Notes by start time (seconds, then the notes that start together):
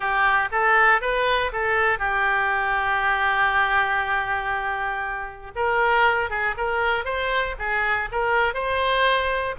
0.00 G4
0.51 A4
1.01 B4
1.52 A4
1.98 G4
5.55 A#4
6.30 G#4
6.57 A#4
7.04 C5
7.58 G#4
8.11 A#4
8.54 C5